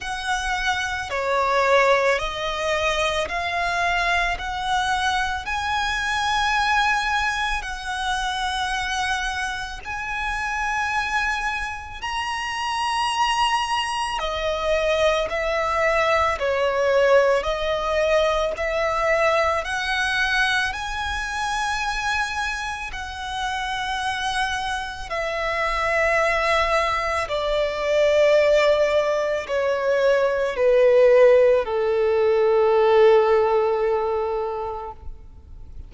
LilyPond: \new Staff \with { instrumentName = "violin" } { \time 4/4 \tempo 4 = 55 fis''4 cis''4 dis''4 f''4 | fis''4 gis''2 fis''4~ | fis''4 gis''2 ais''4~ | ais''4 dis''4 e''4 cis''4 |
dis''4 e''4 fis''4 gis''4~ | gis''4 fis''2 e''4~ | e''4 d''2 cis''4 | b'4 a'2. | }